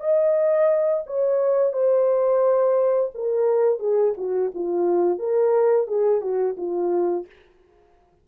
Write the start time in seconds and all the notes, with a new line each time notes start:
0.00 D#5
1.07 C#5
1.73 C5
3.14 A#4
3.79 G#4
4.17 F#4
4.55 F4
5.19 A#4
5.87 G#4
6.21 F#4
6.57 F4